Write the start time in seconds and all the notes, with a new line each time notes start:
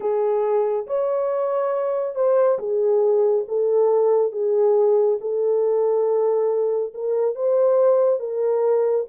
0.00 G#4
0.87 C#5
2.15 C5
2.58 G#4
3.47 A4
4.32 G#4
5.20 A4
6.94 A#4
7.35 C5
8.19 A#4